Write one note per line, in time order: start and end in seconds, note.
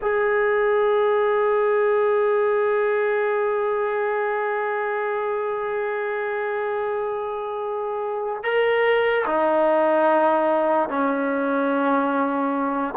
0.01 8.42 G#4
8.42 9.25 A#4
9.26 10.89 D#4
10.89 12.94 C#4